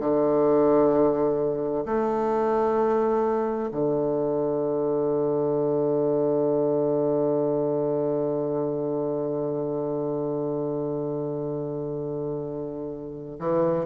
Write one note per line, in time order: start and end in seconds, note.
0.00 1.85 D3
1.85 3.70 A3
3.72 13.40 D3
13.40 13.86 E3